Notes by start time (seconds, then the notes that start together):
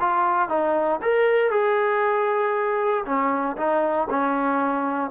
0.00 F4
0.49 D#4
1.02 A#4
1.51 G#4
3.05 C#4
3.57 D#4
4.10 C#4